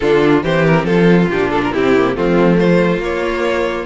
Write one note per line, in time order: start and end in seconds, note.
0.00 0.43 D3
0.00 0.44 D4
0.00 0.43 F4
0.00 0.39 A4
0.43 0.84 E3
0.43 1.30 C4
0.43 0.86 G4
0.43 0.65 C5
0.65 0.85 A#4
0.84 1.27 F3
0.84 1.72 F4
0.84 1.28 A4
1.28 1.71 A#2
1.28 1.74 D4
1.28 1.50 G4
1.50 1.61 A4
1.63 1.73 A#4
1.72 2.16 C3
1.72 1.96 C4
1.72 2.15 E4
1.72 2.16 G4
1.96 2.16 A#3
2.16 2.97 F3
2.16 3.02 A3
2.16 2.59 C4
2.16 2.57 F4
2.57 3.85 F4
2.57 3.00 C5
2.97 3.84 A#3
2.97 3.85 A#3
3.04 3.85 C#5